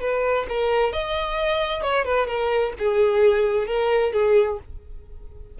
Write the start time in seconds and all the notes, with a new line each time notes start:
0.00 B4
0.49 A#4
0.92 D#5
1.82 C#5
2.05 B4
2.27 A#4
2.78 G#4
3.67 A#4
4.12 G#4